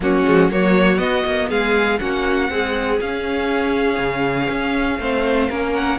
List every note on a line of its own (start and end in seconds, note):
0.00 0.23 F#3
0.00 0.24 A#3
0.00 0.52 C#4
0.00 0.51 F#4
0.24 0.49 F3
0.24 0.49 G#3
0.49 0.99 F#3
0.49 0.97 A#3
0.49 1.49 F#4
0.49 0.97 C#5
0.97 1.97 B3
0.97 1.24 B3
0.97 1.48 D#5
1.25 1.50 A#3
1.49 2.00 G#3
1.49 1.99 G#4
1.49 1.98 F5
1.98 2.49 A#3
1.98 2.49 C#4
1.98 2.50 F#4
1.98 2.98 F#5
2.49 3.01 G#3
2.49 2.99 C4
2.49 5.00 G#4
3.00 3.98 C#4
3.00 5.00 C#4
3.00 5.74 F5
3.98 4.48 C#3
4.50 4.98 C#4
4.98 5.48 A3
4.98 5.50 C4
4.98 5.49 C5
5.49 5.98 A#3
5.49 5.98 C#4
5.49 5.98 A#4
5.74 5.98 F#5